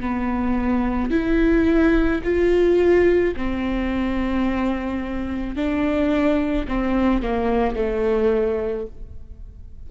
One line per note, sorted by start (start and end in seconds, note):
0.00 1.11 B3
1.11 2.22 E4
2.24 3.35 F4
3.36 5.56 C4
5.56 6.67 D4
6.68 7.22 C4
7.22 7.75 A#3
7.75 8.86 A3